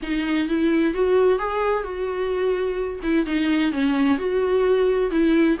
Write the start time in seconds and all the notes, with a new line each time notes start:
0.02 D#4
0.48 E4
0.93 F#4
1.38 G#4
1.83 F#4
3.02 E4
3.26 D#4
3.71 C#4
4.18 F#4
5.10 E4